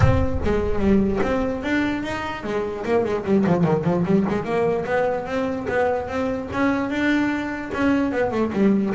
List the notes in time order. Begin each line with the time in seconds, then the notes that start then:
0.00 C4
0.44 G#3
0.79 G3
1.22 C4
1.63 D4
2.03 D#4
2.43 G#3
2.85 A#3
3.04 G#3
3.24 G3
3.46 F3
3.64 D#3
3.83 F3
4.05 G3
4.28 G#3
4.44 A#3
4.85 B3
5.26 C4
5.68 B3
6.08 C4
6.52 C#4
6.90 D4
7.73 C#4
8.12 B3
8.31 A3
8.52 G3